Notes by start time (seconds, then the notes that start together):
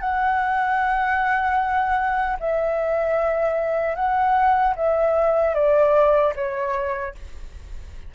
0.00 F#5
2.40 E5
3.95 F#5
4.76 E5
5.54 D5
6.36 C#5